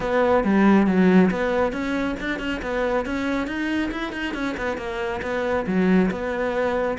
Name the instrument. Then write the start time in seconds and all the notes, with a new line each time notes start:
cello
0.00 B3
0.43 G3
0.87 F#3
1.30 B3
1.72 C#4
2.20 D4
2.39 C#4
2.62 B3
3.05 C#4
3.47 D#4
3.91 E4
4.12 D#4
4.34 C#4
4.57 B3
4.77 A#3
5.22 B3
5.66 F#3
6.10 B3